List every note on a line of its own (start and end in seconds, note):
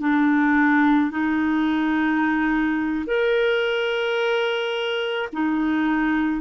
0.00 1.11 D4
1.11 3.05 D#4
3.07 5.29 A#4
5.33 6.41 D#4